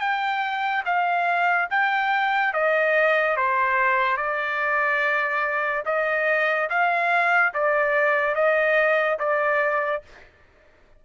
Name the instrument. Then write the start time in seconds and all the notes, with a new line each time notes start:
trumpet
0.00 G5
0.85 F5
1.70 G5
2.53 D#5
3.36 C5
4.17 D5
5.85 D#5
6.69 F5
7.53 D5
8.35 D#5
9.19 D5